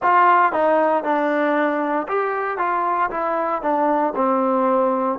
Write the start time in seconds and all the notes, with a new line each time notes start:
0.02 F4
0.52 D#4
1.03 D4
2.07 G4
2.58 F4
3.10 E4
3.62 D4
4.15 C4